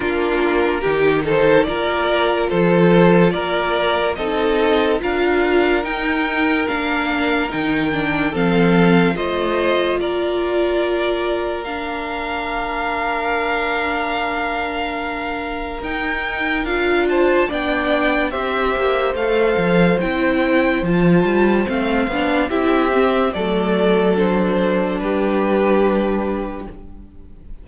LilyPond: <<
  \new Staff \with { instrumentName = "violin" } { \time 4/4 \tempo 4 = 72 ais'4. c''8 d''4 c''4 | d''4 dis''4 f''4 g''4 | f''4 g''4 f''4 dis''4 | d''2 f''2~ |
f''2. g''4 | f''8 a''8 g''4 e''4 f''4 | g''4 a''4 f''4 e''4 | d''4 c''4 b'2 | }
  \new Staff \with { instrumentName = "violin" } { \time 4/4 f'4 g'8 a'8 ais'4 a'4 | ais'4 a'4 ais'2~ | ais'2 a'4 c''4 | ais'1~ |
ais'1~ | ais'8 c''8 d''4 c''2~ | c''2. g'4 | a'2 g'2 | }
  \new Staff \with { instrumentName = "viola" } { \time 4/4 d'4 dis'4 f'2~ | f'4 dis'4 f'4 dis'4 | d'4 dis'8 d'8 c'4 f'4~ | f'2 d'2~ |
d'2. dis'4 | f'4 d'4 g'4 a'4 | e'4 f'4 c'8 d'8 e'8 c'8 | a4 d'2. | }
  \new Staff \with { instrumentName = "cello" } { \time 4/4 ais4 dis4 ais4 f4 | ais4 c'4 d'4 dis'4 | ais4 dis4 f4 a4 | ais1~ |
ais2. dis'4 | d'4 b4 c'8 ais8 a8 f8 | c'4 f8 g8 a8 b8 c'4 | fis2 g2 | }
>>